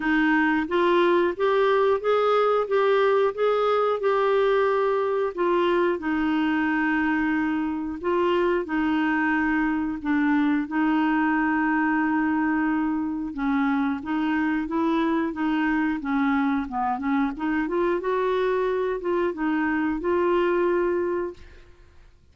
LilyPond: \new Staff \with { instrumentName = "clarinet" } { \time 4/4 \tempo 4 = 90 dis'4 f'4 g'4 gis'4 | g'4 gis'4 g'2 | f'4 dis'2. | f'4 dis'2 d'4 |
dis'1 | cis'4 dis'4 e'4 dis'4 | cis'4 b8 cis'8 dis'8 f'8 fis'4~ | fis'8 f'8 dis'4 f'2 | }